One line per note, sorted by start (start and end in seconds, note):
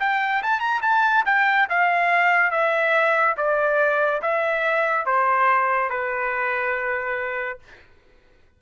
0.00 0.42 G5
0.43 0.60 A5
0.60 0.81 A#5
0.82 1.24 A5
1.26 1.68 G5
1.69 2.51 F5
2.51 3.35 E5
3.37 4.22 D5
4.22 5.06 E5
5.06 5.90 C5
5.90 7.59 B4